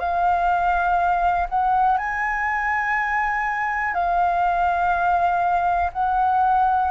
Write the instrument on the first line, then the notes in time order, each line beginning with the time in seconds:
flute
0.00 F5
1.50 F#5
1.98 G#5
3.94 F5
5.93 F#5